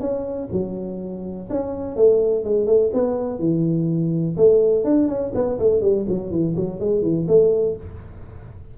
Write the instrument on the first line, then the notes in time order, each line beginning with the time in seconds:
tuba
0.00 C#4
0.52 F#3
1.50 C#4
1.96 A3
2.44 G#3
2.66 A3
2.93 B3
3.39 E3
4.37 A3
4.84 D4
5.08 C#4
5.34 B3
5.59 A3
5.81 G3
6.09 F#3
6.31 E3
6.56 F#3
6.80 G#3
7.02 E3
7.28 A3